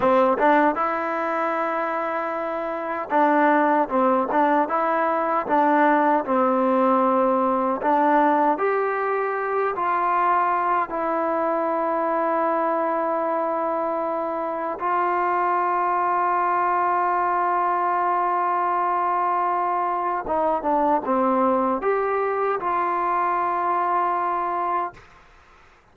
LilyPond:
\new Staff \with { instrumentName = "trombone" } { \time 4/4 \tempo 4 = 77 c'8 d'8 e'2. | d'4 c'8 d'8 e'4 d'4 | c'2 d'4 g'4~ | g'8 f'4. e'2~ |
e'2. f'4~ | f'1~ | f'2 dis'8 d'8 c'4 | g'4 f'2. | }